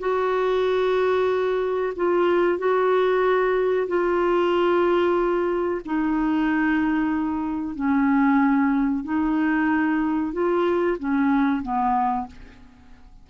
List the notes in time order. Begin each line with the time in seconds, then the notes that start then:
0.00 F#4
1.96 F4
2.59 F#4
3.88 F4
5.86 D#4
7.75 C#4
9.04 D#4
10.33 F4
10.99 C#4
11.63 B3